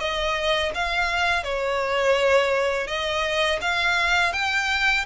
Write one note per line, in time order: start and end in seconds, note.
0.00 0.72 D#5
0.75 1.44 F5
1.44 2.87 C#5
2.87 3.59 D#5
3.61 4.33 F5
4.33 5.05 G5